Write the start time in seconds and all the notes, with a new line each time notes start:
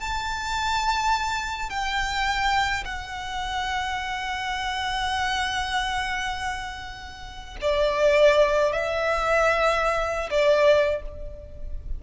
0.00 A5
1.69 G5
2.85 F#5
7.61 D5
8.72 E5
10.30 D5